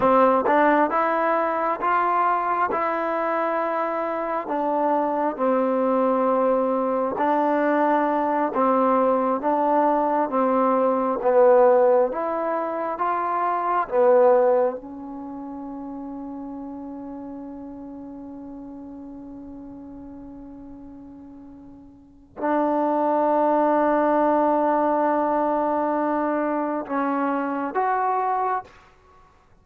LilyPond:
\new Staff \with { instrumentName = "trombone" } { \time 4/4 \tempo 4 = 67 c'8 d'8 e'4 f'4 e'4~ | e'4 d'4 c'2 | d'4. c'4 d'4 c'8~ | c'8 b4 e'4 f'4 b8~ |
b8 cis'2.~ cis'8~ | cis'1~ | cis'4 d'2.~ | d'2 cis'4 fis'4 | }